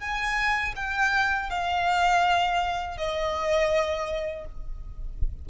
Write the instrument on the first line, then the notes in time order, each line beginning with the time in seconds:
violin
0.00 G#5
0.76 G5
1.50 F5
2.97 D#5